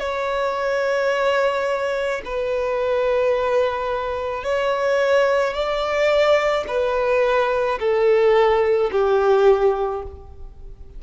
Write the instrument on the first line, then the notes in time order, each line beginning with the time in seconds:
violin
0.00 C#5
2.25 B4
4.44 C#5
5.54 D5
6.68 B4
7.80 A4
8.92 G4